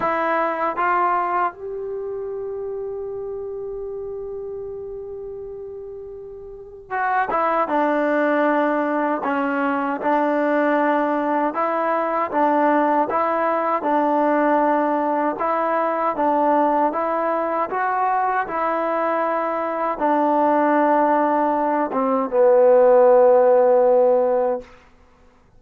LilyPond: \new Staff \with { instrumentName = "trombone" } { \time 4/4 \tempo 4 = 78 e'4 f'4 g'2~ | g'1~ | g'4 fis'8 e'8 d'2 | cis'4 d'2 e'4 |
d'4 e'4 d'2 | e'4 d'4 e'4 fis'4 | e'2 d'2~ | d'8 c'8 b2. | }